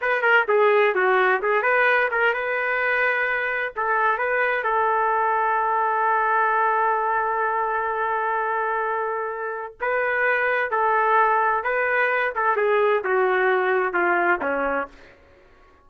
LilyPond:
\new Staff \with { instrumentName = "trumpet" } { \time 4/4 \tempo 4 = 129 b'8 ais'8 gis'4 fis'4 gis'8 b'8~ | b'8 ais'8 b'2. | a'4 b'4 a'2~ | a'1~ |
a'1~ | a'4 b'2 a'4~ | a'4 b'4. a'8 gis'4 | fis'2 f'4 cis'4 | }